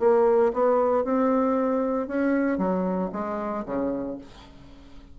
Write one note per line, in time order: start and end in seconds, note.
0.00 0.53 A#3
0.53 1.05 B3
1.05 2.08 C4
2.08 2.58 C#4
2.58 3.11 F#3
3.12 3.65 G#3
3.66 4.18 C#3